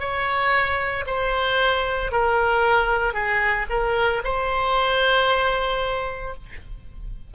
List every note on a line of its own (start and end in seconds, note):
0.00 1.05 C#5
1.07 2.12 C5
2.12 3.14 A#4
3.14 3.67 G#4
3.70 4.22 A#4
4.24 6.35 C5